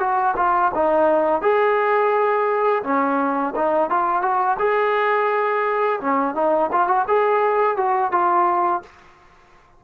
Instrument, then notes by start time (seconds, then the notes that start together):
trombone
0.00 F#4
0.37 F4
0.75 D#4
1.42 G#4
2.84 C#4
3.56 D#4
3.90 F4
4.23 F#4
4.59 G#4
6.01 C#4
6.35 D#4
6.73 F4
6.88 F#4
7.08 G#4
7.77 F#4
8.12 F4